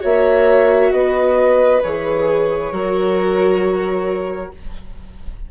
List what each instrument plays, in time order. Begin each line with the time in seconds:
0.00 bassoon A#3, viola F#4, violin C#5, flute E5
0.92 bassoon B3, violin B4, flute D#5
1.83 bassoon E3, viola G#4, flute C#5
2.72 bassoon F#3, viola F#4, violin A#4